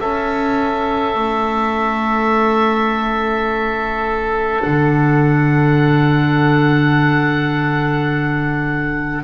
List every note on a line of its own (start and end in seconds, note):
0.00 4.61 C#4
0.00 1.14 C#4
0.00 9.23 A4
0.00 4.62 E5
1.14 4.60 A3
4.61 9.23 D3
4.61 9.23 D4
4.61 9.23 F#5